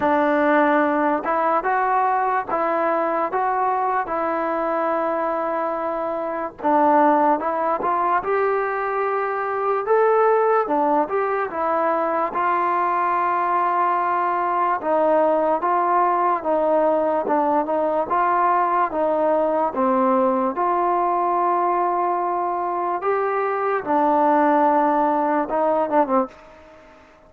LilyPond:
\new Staff \with { instrumentName = "trombone" } { \time 4/4 \tempo 4 = 73 d'4. e'8 fis'4 e'4 | fis'4 e'2. | d'4 e'8 f'8 g'2 | a'4 d'8 g'8 e'4 f'4~ |
f'2 dis'4 f'4 | dis'4 d'8 dis'8 f'4 dis'4 | c'4 f'2. | g'4 d'2 dis'8 d'16 c'16 | }